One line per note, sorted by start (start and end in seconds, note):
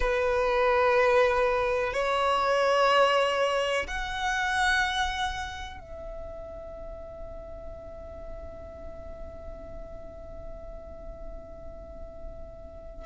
0.00 1.93 B4
1.93 3.87 C#5
3.87 5.80 F#5
5.80 13.06 E5